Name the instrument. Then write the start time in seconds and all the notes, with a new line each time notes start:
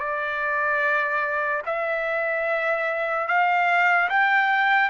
trumpet
0.00 D5
1.66 E5
3.28 F5
4.09 G5